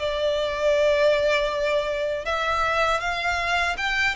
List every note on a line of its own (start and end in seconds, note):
0.00 2.26 D5
2.26 3.01 E5
3.01 3.77 F5
3.78 4.16 G5